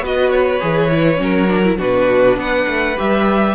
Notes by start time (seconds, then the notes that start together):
0.00 B3 F#4 B4 D#5
0.30 C#5
0.60 E3 G#4
0.91 E4
1.17 F#3 C#4 A#4
1.48 D4
1.64 E4
1.78 B2 D4 F#4 B4
2.36 B3 B4 F#5
2.67 A3
2.97 G3 G4 E5